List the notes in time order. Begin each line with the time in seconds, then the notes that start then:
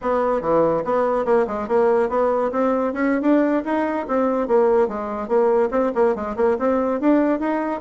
0.01 B3
0.41 E3
0.84 B3
1.25 A#3
1.47 G#3
1.68 A#3
2.09 B3
2.51 C4
2.93 C#4
3.21 D4
3.64 D#4
4.07 C4
4.47 A#3
4.87 G#3
5.28 A#3
5.71 C4
5.95 A#3
6.15 G#3
6.36 A#3
6.58 C4
7.00 D4
7.39 D#4